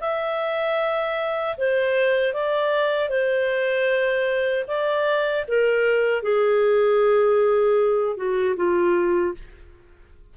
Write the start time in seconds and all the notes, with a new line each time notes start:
0.00 E5
1.57 C5
2.33 D5
3.09 C5
4.67 D5
5.48 A#4
6.23 G#4
8.16 F#4
8.56 F4